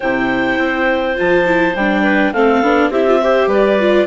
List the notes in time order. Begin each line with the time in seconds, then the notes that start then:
0.00 C3 E4 C5 G5
0.58 C4
1.15 F3 F4 A5
1.45 E4
1.75 G3 D4 G5
2.03 B4
2.32 A3 C4 A4 F5
2.62 B3 D4
2.90 C4 E4 G4 E5
3.07 F4
3.20 G4 C5
3.46 G3 B4 D5
3.79 F4